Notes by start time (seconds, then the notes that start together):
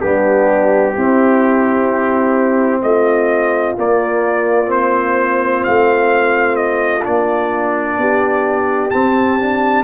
0.00 G3 B3 D4 G4
0.95 C4 E4
2.82 A3 F4 D#5
3.77 A#3 D5
4.66 C4 C5
5.63 A3 F5
6.56 D#5
7.03 A#3 D4 D5
7.98 B3 G4
8.90 C4 A5
9.39 D4